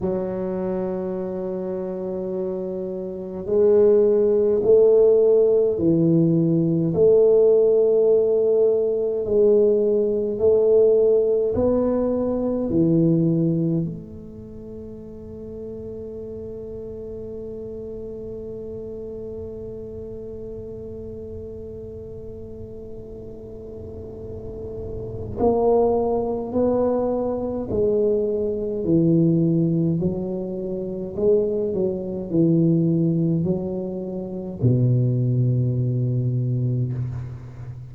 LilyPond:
\new Staff \with { instrumentName = "tuba" } { \time 4/4 \tempo 4 = 52 fis2. gis4 | a4 e4 a2 | gis4 a4 b4 e4 | a1~ |
a1~ | a2 ais4 b4 | gis4 e4 fis4 gis8 fis8 | e4 fis4 b,2 | }